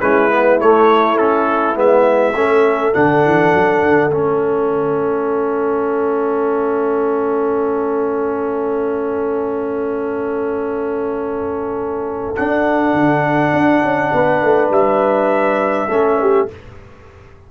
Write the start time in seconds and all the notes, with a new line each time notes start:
0.00 G#3 C#4 E4 B4
0.30 B3
0.60 A3 C#5
1.17 C#4 A4
1.75 G#3 B3 E5
2.34 A3 C#4 A4
2.93 D3 D4 F#5
3.25 E3
3.54 F#3
3.83 D3
4.10 A3 C#4 E5
12.36 D4 F#5
12.94 D3
13.53 D4
13.82 C#4
14.13 B3 B4
14.42 A3
14.70 G3 E5
15.88 A3 C#4 A4
16.21 G4